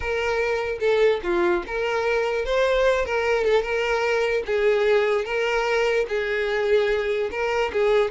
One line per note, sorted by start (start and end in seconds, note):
0.00 0.78 A#4
0.79 1.20 A4
1.23 1.63 F4
1.66 2.45 A#4
2.45 3.05 C5
3.05 3.44 A#4
3.44 3.62 A4
3.62 4.43 A#4
4.46 5.24 G#4
5.24 6.06 A#4
6.08 7.30 G#4
7.31 7.71 A#4
7.72 8.11 G#4